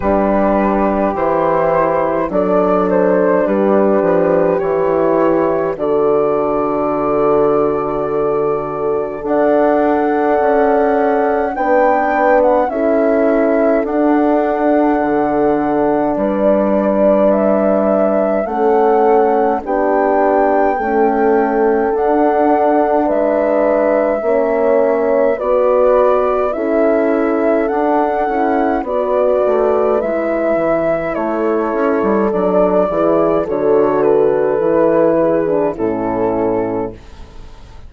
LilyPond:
<<
  \new Staff \with { instrumentName = "flute" } { \time 4/4 \tempo 4 = 52 b'4 c''4 d''8 c''8 b'4 | cis''4 d''2. | fis''2 g''8. fis''16 e''4 | fis''2 d''4 e''4 |
fis''4 g''2 fis''4 | e''2 d''4 e''4 | fis''4 d''4 e''4 cis''4 | d''4 cis''8 b'4. a'4 | }
  \new Staff \with { instrumentName = "horn" } { \time 4/4 g'2 a'4 g'4~ | g'4 a'2. | d''2 b'4 a'4~ | a'2 b'2 |
a'4 g'4 a'2 | b'4 cis''4 b'4 a'4~ | a'4 b'2 a'4~ | a'8 gis'8 a'4. gis'8 e'4 | }
  \new Staff \with { instrumentName = "horn" } { \time 4/4 d'4 e'4 d'2 | e'4 fis'2. | a'2 d'4 e'4 | d'1 |
cis'4 d'4 a4 d'4~ | d'4 cis'4 fis'4 e'4 | d'8 e'8 fis'4 e'2 | d'8 e'8 fis'4 e'8. d'16 cis'4 | }
  \new Staff \with { instrumentName = "bassoon" } { \time 4/4 g4 e4 fis4 g8 f8 | e4 d2. | d'4 cis'4 b4 cis'4 | d'4 d4 g2 |
a4 b4 cis'4 d'4 | gis4 ais4 b4 cis'4 | d'8 cis'8 b8 a8 gis8 e8 a8 cis'16 g16 | fis8 e8 d4 e4 a,4 | }
>>